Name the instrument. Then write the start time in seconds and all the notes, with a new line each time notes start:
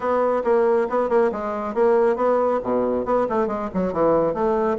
bassoon
0.00 B3
0.43 A#3
0.89 B3
1.09 A#3
1.32 G#3
1.74 A#3
2.16 B3
2.63 B2
3.05 B3
3.29 A3
3.47 G#3
3.74 F#3
3.92 E3
4.33 A3